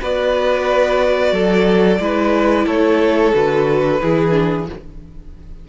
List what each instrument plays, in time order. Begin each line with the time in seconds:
0.00 cello B3, viola F#4, violin B4 D5
1.32 cello F#3, violin A4
1.99 cello G#3, viola E4, violin B4
2.66 cello A3, violin A4 C#5
3.33 cello D3, viola F#4, violin B4
4.02 cello E3, viola E4, violin G#4
4.31 viola D4